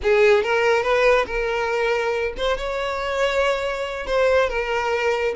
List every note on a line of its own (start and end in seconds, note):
0.02 0.43 G#4
0.43 0.82 A#4
0.82 1.25 B4
1.26 2.33 A#4
2.37 2.57 C5
2.57 4.06 C#5
4.06 4.49 C5
4.49 5.35 A#4